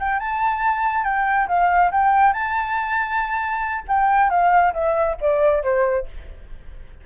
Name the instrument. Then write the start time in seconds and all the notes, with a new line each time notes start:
flute
0.00 G5
0.20 A5
1.05 G5
1.48 F5
1.92 G5
2.33 A5
3.88 G5
4.30 F5
4.74 E5
5.21 D5
5.64 C5